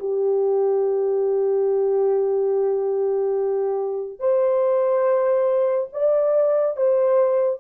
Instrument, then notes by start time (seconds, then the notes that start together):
horn
0.00 G4
4.20 C5
5.93 D5
6.77 C5